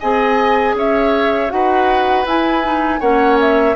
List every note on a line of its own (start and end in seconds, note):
0.00 0.75 C4
0.00 1.49 G#4
0.00 0.75 D#5
0.00 0.76 G#5
0.75 1.50 C#4
0.75 1.53 C#5
0.75 1.51 E5
1.49 2.26 D#4
1.49 2.24 F#4
1.49 3.00 B4
1.49 2.26 F#5
2.26 3.01 E4
2.26 2.63 E4
2.26 3.01 G#5
2.63 3.00 D#4
3.00 3.76 A#3
3.00 3.76 C#4
3.00 3.75 C#5
3.00 3.38 F#5
3.41 3.76 E5